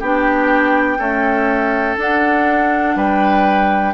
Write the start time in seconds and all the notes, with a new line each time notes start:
0.00 B3 D4 G4 G5
0.99 A3 C#4 A4
1.98 D4 F#5
2.96 G3 B4 G5